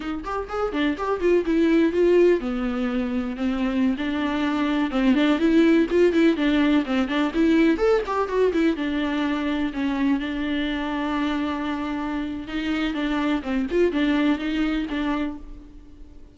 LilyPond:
\new Staff \with { instrumentName = "viola" } { \time 4/4 \tempo 4 = 125 dis'8 g'8 gis'8 d'8 g'8 f'8 e'4 | f'4 b2 c'4~ | c'16 d'2 c'8 d'8 e'8.~ | e'16 f'8 e'8 d'4 c'8 d'8 e'8.~ |
e'16 a'8 g'8 fis'8 e'8 d'4.~ d'16~ | d'16 cis'4 d'2~ d'8.~ | d'2 dis'4 d'4 | c'8 f'8 d'4 dis'4 d'4 | }